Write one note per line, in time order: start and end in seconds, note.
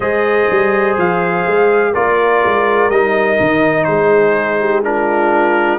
0.00 0.47 G#3
0.00 1.94 G#4
0.00 1.91 C5
0.00 0.96 D#5
0.50 0.97 G3
0.97 1.46 F3
0.97 1.94 F5
1.46 1.95 G#3
1.92 2.44 A#3
1.92 2.90 F4
1.92 3.85 A#4
1.92 2.90 D5
2.45 2.89 G#3
2.89 3.37 G3
2.89 4.83 D#4
2.89 3.84 D#5
3.40 3.86 D#3
3.84 5.78 G#3
3.84 4.59 G#4
3.84 4.80 C5
4.59 4.84 G4
4.83 5.78 D4
4.83 5.78 F4
4.83 5.78 A#4